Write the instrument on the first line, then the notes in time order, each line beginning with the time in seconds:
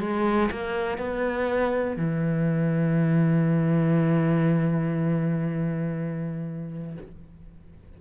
cello
0.00 G#3
0.51 A#3
0.98 B3
1.97 E3